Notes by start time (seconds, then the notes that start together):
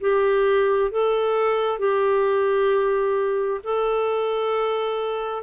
0.00 G4
0.91 A4
1.79 G4
3.63 A4